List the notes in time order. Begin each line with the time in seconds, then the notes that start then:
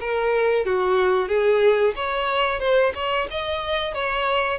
0.00 A#4
0.65 F#4
1.28 G#4
1.96 C#5
2.60 C5
2.95 C#5
3.30 D#5
3.94 C#5